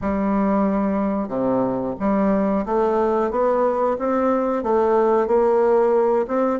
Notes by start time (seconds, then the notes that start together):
0.01 G3
1.28 C3
1.99 G3
2.65 A3
3.30 B3
3.98 C4
4.63 A3
5.27 A#3
6.27 C4